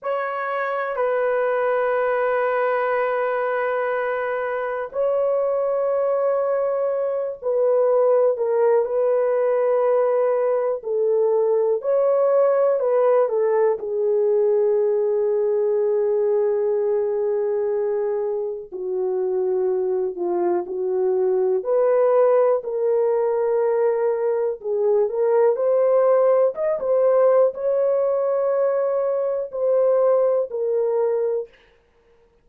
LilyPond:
\new Staff \with { instrumentName = "horn" } { \time 4/4 \tempo 4 = 61 cis''4 b'2.~ | b'4 cis''2~ cis''8 b'8~ | b'8 ais'8 b'2 a'4 | cis''4 b'8 a'8 gis'2~ |
gis'2. fis'4~ | fis'8 f'8 fis'4 b'4 ais'4~ | ais'4 gis'8 ais'8 c''4 dis''16 c''8. | cis''2 c''4 ais'4 | }